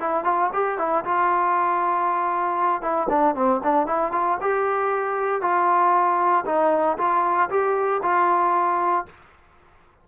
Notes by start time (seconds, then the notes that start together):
0.00 E4
0.25 F4
0.53 G4
0.79 E4
1.05 F4
2.82 E4
3.10 D4
3.35 C4
3.64 D4
3.87 E4
4.12 F4
4.41 G4
5.41 F4
6.46 D#4
6.98 F4
7.50 G4
8.03 F4